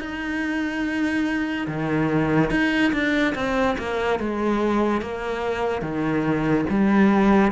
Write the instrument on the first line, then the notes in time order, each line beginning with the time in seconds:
cello
0.00 D#4
1.67 D#3
2.50 D#4
2.92 D4
3.35 C4
3.78 A#3
4.19 G#3
5.01 A#3
5.81 D#3
6.69 G3